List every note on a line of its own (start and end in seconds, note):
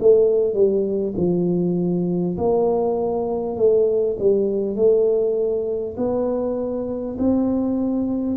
0.00 0.54 A3
0.54 1.14 G3
1.18 2.38 F3
2.38 3.57 A#3
3.57 4.17 A3
4.19 4.76 G3
4.76 5.96 A3
5.98 7.18 B3
7.19 8.37 C4